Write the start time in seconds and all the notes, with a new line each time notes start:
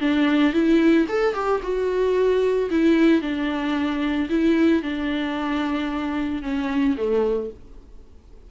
0.00 D4
0.53 E4
1.08 A4
1.33 G4
1.62 F#4
2.70 E4
3.21 D4
4.29 E4
4.82 D4
6.42 C#4
6.97 A3